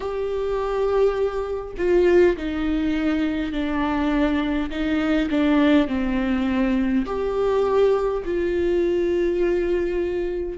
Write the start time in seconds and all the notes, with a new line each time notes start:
0.00 G4
1.77 F4
2.36 D#4
3.52 D4
4.70 D#4
5.30 D4
5.87 C4
7.05 G4
8.24 F4